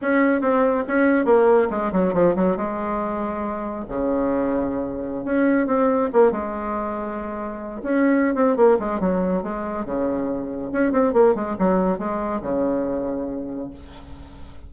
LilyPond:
\new Staff \with { instrumentName = "bassoon" } { \time 4/4 \tempo 4 = 140 cis'4 c'4 cis'4 ais4 | gis8 fis8 f8 fis8 gis2~ | gis4 cis2.~ | cis16 cis'4 c'4 ais8 gis4~ gis16~ |
gis2~ gis16 cis'4~ cis'16 c'8 | ais8 gis8 fis4 gis4 cis4~ | cis4 cis'8 c'8 ais8 gis8 fis4 | gis4 cis2. | }